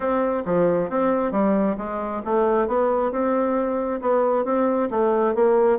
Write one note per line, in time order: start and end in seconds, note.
0.00 0.43 C4
0.45 0.89 F3
0.89 1.31 C4
1.31 1.76 G3
1.77 2.22 G#3
2.24 2.67 A3
2.67 3.11 B3
3.11 4.00 C4
4.01 4.44 B3
4.44 4.89 C4
4.90 5.34 A3
5.34 5.79 A#3